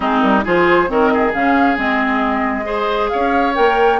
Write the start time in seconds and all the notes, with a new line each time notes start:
0.00 G#3 C4 D#4 G#4
0.19 G3 A#4
0.44 F3 F4 G#4 C5
0.87 D#3 C4 A#4 C#5
1.09 G#4 D#5
1.33 C#3 C#4 F5
1.76 G#3 C4 D#5
2.63 G#4 C5
3.09 C#4 C#5 F5
3.55 A#3 A#4 G5